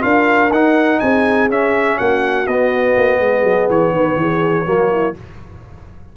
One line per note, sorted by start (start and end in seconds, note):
0.00 0.51 D4
0.00 0.49 F4
0.00 1.00 A#4
0.00 0.51 F5
0.51 1.00 D#4
0.51 1.49 D#4
0.51 0.99 F#5
0.99 1.50 C4
0.99 1.98 G#4
0.99 1.48 G#5
1.49 2.47 C#4
1.49 1.98 C#4
1.49 1.98 E5
1.98 2.47 A#3
1.98 3.20 F#4
1.98 2.47 F#5
2.47 2.96 B3
2.47 4.65 B3
2.47 3.69 D#5
2.97 3.19 A#3
3.19 3.43 G#3
3.19 3.93 G#4
3.43 3.67 F#3
3.69 3.91 E3
3.69 5.16 C#5
3.91 4.16 D#3
3.91 4.18 B4
4.16 4.65 E3
4.16 4.66 G#4
4.65 5.15 F#3
4.65 5.14 A#3
4.65 4.90 F#4
4.91 5.15 E4